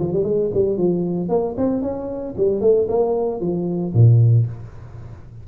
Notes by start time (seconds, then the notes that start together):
0.00 F3
0.13 G3
0.24 G#3
0.54 G3
0.78 F3
1.29 A#3
1.58 C4
1.82 C#4
2.38 G3
2.61 A3
2.89 A#3
3.41 F3
3.94 A#2